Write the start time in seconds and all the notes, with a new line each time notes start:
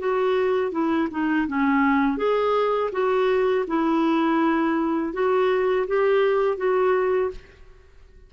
0.00 F#4
0.72 E4
1.11 D#4
1.48 C#4
2.18 G#4
2.93 F#4
3.68 E4
5.14 F#4
5.88 G4
6.58 F#4